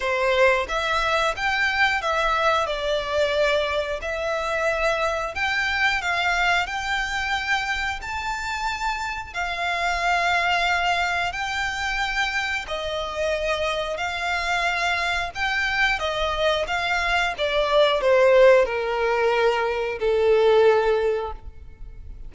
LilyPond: \new Staff \with { instrumentName = "violin" } { \time 4/4 \tempo 4 = 90 c''4 e''4 g''4 e''4 | d''2 e''2 | g''4 f''4 g''2 | a''2 f''2~ |
f''4 g''2 dis''4~ | dis''4 f''2 g''4 | dis''4 f''4 d''4 c''4 | ais'2 a'2 | }